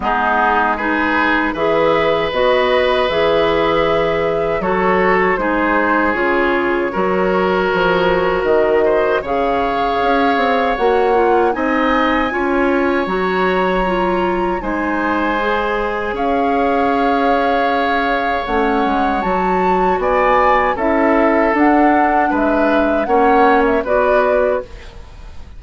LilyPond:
<<
  \new Staff \with { instrumentName = "flute" } { \time 4/4 \tempo 4 = 78 gis'4 b'4 e''4 dis''4 | e''2 cis''4 c''4 | cis''2. dis''4 | f''2 fis''4 gis''4~ |
gis''4 ais''2 gis''4~ | gis''4 f''2. | fis''4 a''4 gis''4 e''4 | fis''4 e''4 fis''8. e''16 d''4 | }
  \new Staff \with { instrumentName = "oboe" } { \time 4/4 dis'4 gis'4 b'2~ | b'2 a'4 gis'4~ | gis'4 ais'2~ ais'8 c''8 | cis''2. dis''4 |
cis''2. c''4~ | c''4 cis''2.~ | cis''2 d''4 a'4~ | a'4 b'4 cis''4 b'4 | }
  \new Staff \with { instrumentName = "clarinet" } { \time 4/4 b4 dis'4 gis'4 fis'4 | gis'2 fis'4 dis'4 | f'4 fis'2. | gis'2 fis'8 f'8 dis'4 |
f'4 fis'4 f'4 dis'4 | gis'1 | cis'4 fis'2 e'4 | d'2 cis'4 fis'4 | }
  \new Staff \with { instrumentName = "bassoon" } { \time 4/4 gis2 e4 b4 | e2 fis4 gis4 | cis4 fis4 f4 dis4 | cis4 cis'8 c'8 ais4 c'4 |
cis'4 fis2 gis4~ | gis4 cis'2. | a8 gis8 fis4 b4 cis'4 | d'4 gis4 ais4 b4 | }
>>